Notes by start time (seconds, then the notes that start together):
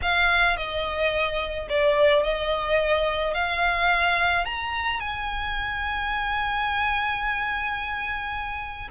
0.02 F5
0.56 D#5
1.69 D5
2.23 D#5
3.34 F5
4.45 A#5
5.00 G#5